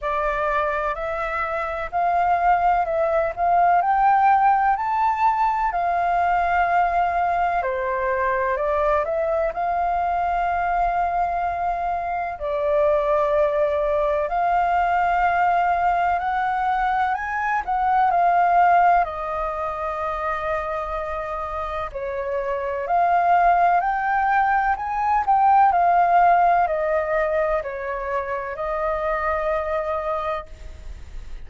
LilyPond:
\new Staff \with { instrumentName = "flute" } { \time 4/4 \tempo 4 = 63 d''4 e''4 f''4 e''8 f''8 | g''4 a''4 f''2 | c''4 d''8 e''8 f''2~ | f''4 d''2 f''4~ |
f''4 fis''4 gis''8 fis''8 f''4 | dis''2. cis''4 | f''4 g''4 gis''8 g''8 f''4 | dis''4 cis''4 dis''2 | }